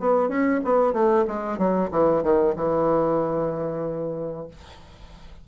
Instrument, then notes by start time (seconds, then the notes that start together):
bassoon
0.00 B3
0.29 C#4
0.64 B3
0.93 A3
1.28 G#3
1.58 F#3
1.91 E3
2.23 D#3
2.56 E3